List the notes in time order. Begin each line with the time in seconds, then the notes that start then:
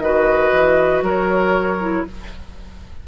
0.00 D#3 F#4 B4 D#5
0.53 E3
1.02 F#3 A#4 C#5
1.81 E4